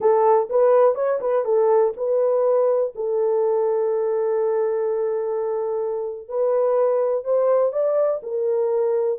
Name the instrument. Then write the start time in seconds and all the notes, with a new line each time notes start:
horn
0.00 A4
0.49 B4
0.94 C#5
1.21 B4
1.45 A4
1.96 B4
2.95 A4
6.28 B4
7.24 C5
7.72 D5
8.22 A#4